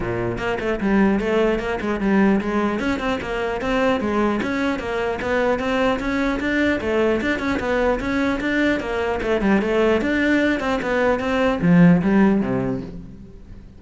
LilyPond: \new Staff \with { instrumentName = "cello" } { \time 4/4 \tempo 4 = 150 ais,4 ais8 a8 g4 a4 | ais8 gis8 g4 gis4 cis'8 c'8 | ais4 c'4 gis4 cis'4 | ais4 b4 c'4 cis'4 |
d'4 a4 d'8 cis'8 b4 | cis'4 d'4 ais4 a8 g8 | a4 d'4. c'8 b4 | c'4 f4 g4 c4 | }